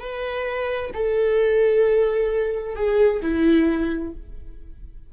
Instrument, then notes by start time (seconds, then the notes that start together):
viola
0.00 B4
0.94 A4
2.75 G#4
3.22 E4